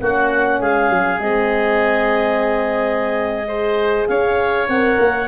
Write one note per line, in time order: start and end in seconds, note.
0.00 0.60 A#3
0.00 1.20 C#4
0.00 0.60 F#4
0.00 0.61 F#5
0.60 0.90 G#3
0.60 3.48 G#4
0.60 1.20 F5
0.90 1.19 F#3
1.19 4.07 G#3
1.19 3.47 C4
1.19 4.08 D#5
3.47 4.68 G#4
3.47 4.08 C5
4.08 4.68 C#4
4.08 5.28 C#5
4.08 4.68 F5
4.68 4.98 C4
4.68 5.28 A#4
4.68 5.28 F#5
4.99 5.28 A#3